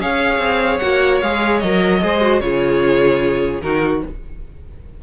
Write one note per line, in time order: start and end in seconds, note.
0.00 0.39 C#4
0.00 0.82 G#4
0.00 2.03 C#5
0.00 0.79 F5
0.39 0.79 C4
0.79 1.23 A#3
0.79 1.22 F#4
0.79 1.19 F#5
1.22 1.63 G#3
1.22 1.64 G#4
1.22 1.60 F5
1.60 2.03 F#3
1.60 2.02 A#4
1.60 2.40 D#5
2.02 2.41 G#3
2.02 2.22 G#4
2.02 2.43 C5
2.22 2.42 F#4
2.40 3.62 C#3
2.40 3.62 F4
2.40 3.63 G#4
2.40 3.61 C#5
3.62 4.03 D#3
3.62 4.03 D#4
3.62 4.04 F#4
3.62 4.02 A#4